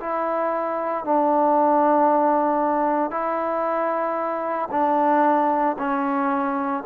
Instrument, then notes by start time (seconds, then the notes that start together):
trombone
0.00 E4
1.05 D4
3.11 E4
4.71 D4
5.78 C#4